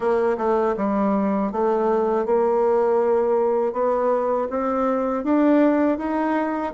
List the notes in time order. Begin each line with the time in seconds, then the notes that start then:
0.00 A#3
0.37 A3
0.77 G3
1.51 A3
2.25 A#3
3.73 B3
4.50 C4
5.24 D4
5.98 D#4